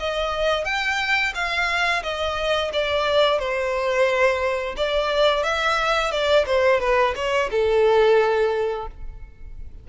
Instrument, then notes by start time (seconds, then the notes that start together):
violin
0.00 D#5
0.65 G5
1.35 F5
2.04 D#5
2.74 D5
3.40 C5
4.77 D5
5.44 E5
6.12 D5
6.47 C5
6.81 B4
7.17 C#5
7.51 A4